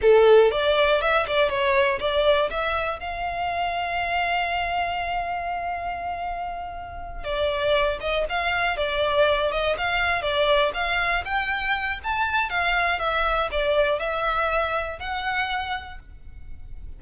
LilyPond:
\new Staff \with { instrumentName = "violin" } { \time 4/4 \tempo 4 = 120 a'4 d''4 e''8 d''8 cis''4 | d''4 e''4 f''2~ | f''1~ | f''2~ f''8 d''4. |
dis''8 f''4 d''4. dis''8 f''8~ | f''8 d''4 f''4 g''4. | a''4 f''4 e''4 d''4 | e''2 fis''2 | }